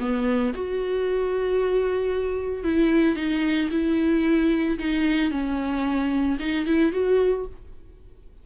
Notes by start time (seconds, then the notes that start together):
0.00 B3
0.54 F#4
2.64 E4
3.16 D#4
3.72 E4
4.79 D#4
5.31 C#4
6.40 D#4
6.67 E4
6.93 F#4